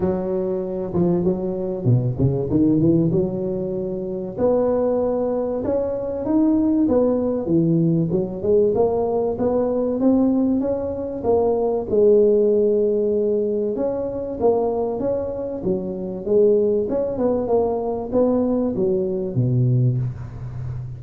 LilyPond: \new Staff \with { instrumentName = "tuba" } { \time 4/4 \tempo 4 = 96 fis4. f8 fis4 b,8 cis8 | dis8 e8 fis2 b4~ | b4 cis'4 dis'4 b4 | e4 fis8 gis8 ais4 b4 |
c'4 cis'4 ais4 gis4~ | gis2 cis'4 ais4 | cis'4 fis4 gis4 cis'8 b8 | ais4 b4 fis4 b,4 | }